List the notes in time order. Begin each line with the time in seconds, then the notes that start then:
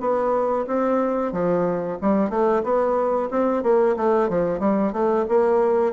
0.00 B3
0.67 C4
1.32 F3
2.01 G3
2.30 A3
2.63 B3
3.31 C4
3.63 A#3
3.97 A3
4.29 F3
4.59 G3
4.92 A3
5.29 A#3